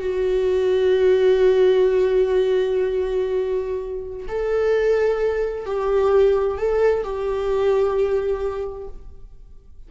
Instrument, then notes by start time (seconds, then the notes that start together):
viola
0.00 F#4
4.28 A4
5.66 G4
6.58 A4
7.04 G4